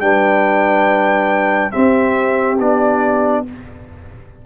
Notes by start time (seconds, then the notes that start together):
0.00 G3 D4 B4 G5
1.71 C4 G4 E5
2.59 B3 D4 D5